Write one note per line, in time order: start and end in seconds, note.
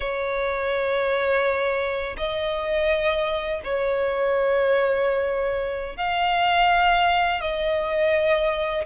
0.00 2.16 C#5
2.17 3.61 D#5
3.63 5.96 C#5
5.96 7.40 F5
7.40 8.85 D#5